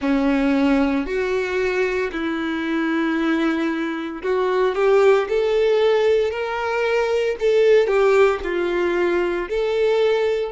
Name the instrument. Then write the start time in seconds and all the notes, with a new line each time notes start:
violin
0.00 C#4
1.06 F#4
2.11 E4
4.22 F#4
4.75 G4
5.29 A4
6.30 A#4
7.39 A4
7.87 G4
8.43 F4
9.49 A4